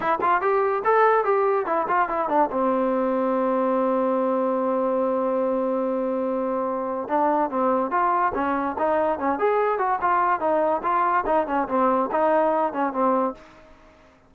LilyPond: \new Staff \with { instrumentName = "trombone" } { \time 4/4 \tempo 4 = 144 e'8 f'8 g'4 a'4 g'4 | e'8 f'8 e'8 d'8 c'2~ | c'1~ | c'1~ |
c'4 d'4 c'4 f'4 | cis'4 dis'4 cis'8 gis'4 fis'8 | f'4 dis'4 f'4 dis'8 cis'8 | c'4 dis'4. cis'8 c'4 | }